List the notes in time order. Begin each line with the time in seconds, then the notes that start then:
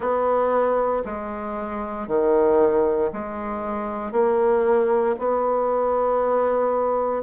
0.00 B3
1.05 G#3
2.07 D#3
3.12 G#3
4.11 A#3
5.18 B3